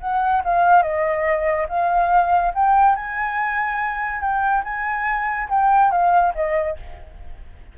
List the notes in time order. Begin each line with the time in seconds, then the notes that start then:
0.00 F#5
0.44 F5
0.82 D#5
1.69 F5
2.54 G5
2.96 G#5
4.21 G5
4.64 G#5
5.49 G5
5.91 F5
6.35 D#5